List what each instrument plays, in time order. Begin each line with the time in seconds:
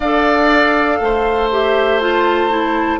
0.00 bassoon D4, clarinet A4, oboe D5, flute F5
1.00 bassoon A3, oboe C5
1.52 clarinet G4, flute E5
2.00 clarinet F4, flute A5
2.50 clarinet E4